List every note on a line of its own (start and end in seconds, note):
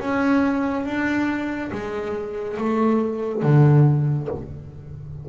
0.00 0.86 C#4
0.86 1.71 D4
1.72 2.58 G#3
2.58 3.43 A3
3.43 4.29 D3